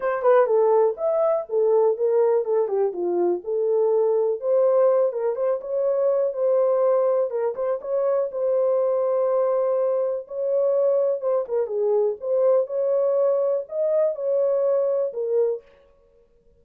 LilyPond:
\new Staff \with { instrumentName = "horn" } { \time 4/4 \tempo 4 = 123 c''8 b'8 a'4 e''4 a'4 | ais'4 a'8 g'8 f'4 a'4~ | a'4 c''4. ais'8 c''8 cis''8~ | cis''4 c''2 ais'8 c''8 |
cis''4 c''2.~ | c''4 cis''2 c''8 ais'8 | gis'4 c''4 cis''2 | dis''4 cis''2 ais'4 | }